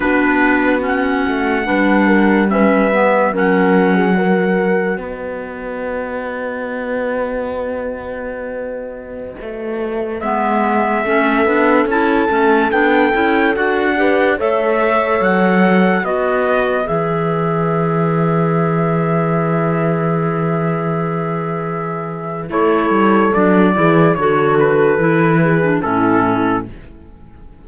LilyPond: <<
  \new Staff \with { instrumentName = "trumpet" } { \time 4/4 \tempo 4 = 72 b'4 fis''2 e''4 | fis''2 dis''2~ | dis''1~ | dis''16 e''2 a''4 g''8.~ |
g''16 fis''4 e''4 fis''4 dis''8.~ | dis''16 e''2.~ e''8.~ | e''2. cis''4 | d''4 cis''8 b'4. a'4 | }
  \new Staff \with { instrumentName = "horn" } { \time 4/4 fis'2 b'8 ais'8 b'4 | ais'8. gis'16 ais'4 b'2~ | b'1~ | b'4~ b'16 a'2~ a'8.~ |
a'8. b'8 cis''2 b'8.~ | b'1~ | b'2. a'4~ | a'8 gis'8 a'4. gis'8 e'4 | }
  \new Staff \with { instrumentName = "clarinet" } { \time 4/4 d'4 cis'4 d'4 cis'8 b8 | cis'4 fis'2.~ | fis'1~ | fis'16 b4 cis'8 d'8 e'8 cis'8 d'8 e'16~ |
e'16 fis'8 g'8 a'2 fis'8.~ | fis'16 gis'2.~ gis'8.~ | gis'2. e'4 | d'8 e'8 fis'4 e'8. d'16 cis'4 | }
  \new Staff \with { instrumentName = "cello" } { \time 4/4 b4. a8 g2 | fis2 b2~ | b2.~ b16 a8.~ | a16 gis4 a8 b8 cis'8 a8 b8 cis'16~ |
cis'16 d'4 a4 fis4 b8.~ | b16 e2.~ e8.~ | e2. a8 g8 | fis8 e8 d4 e4 a,4 | }
>>